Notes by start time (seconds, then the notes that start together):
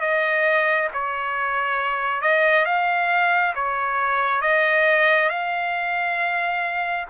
0.00 D#5
0.93 C#5
2.21 D#5
2.65 F5
3.55 C#5
4.41 D#5
5.29 F5